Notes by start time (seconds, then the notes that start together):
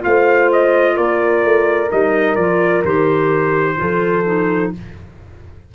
0.00 A3 F4 F5
0.06 C5
0.53 D#5
0.96 A#3 A#4 D5
1.45 A3
1.89 G3 D#4 D#5
2.36 F3 F4 D5
2.84 D#3 G4 C5
3.76 F3 F4 A4
4.26 D#4